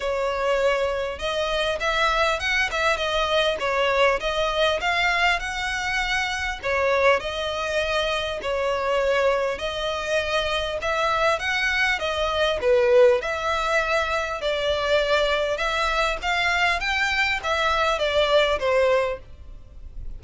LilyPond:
\new Staff \with { instrumentName = "violin" } { \time 4/4 \tempo 4 = 100 cis''2 dis''4 e''4 | fis''8 e''8 dis''4 cis''4 dis''4 | f''4 fis''2 cis''4 | dis''2 cis''2 |
dis''2 e''4 fis''4 | dis''4 b'4 e''2 | d''2 e''4 f''4 | g''4 e''4 d''4 c''4 | }